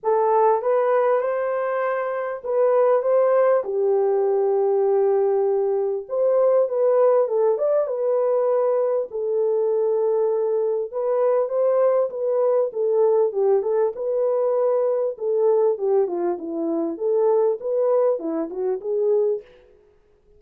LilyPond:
\new Staff \with { instrumentName = "horn" } { \time 4/4 \tempo 4 = 99 a'4 b'4 c''2 | b'4 c''4 g'2~ | g'2 c''4 b'4 | a'8 d''8 b'2 a'4~ |
a'2 b'4 c''4 | b'4 a'4 g'8 a'8 b'4~ | b'4 a'4 g'8 f'8 e'4 | a'4 b'4 e'8 fis'8 gis'4 | }